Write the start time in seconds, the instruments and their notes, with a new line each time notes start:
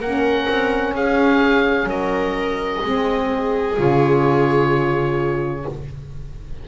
0.00 double bass A#3, saxophone C#4, viola A#4, oboe F#5
0.49 double bass C4
0.94 double bass C#4, viola G#4, oboe F5
1.84 double bass F#3, viola A#4, oboe D#5
2.82 double bass G#3, saxophone C4, viola G#4
3.75 double bass C#3, saxophone F4
3.81 oboe C#5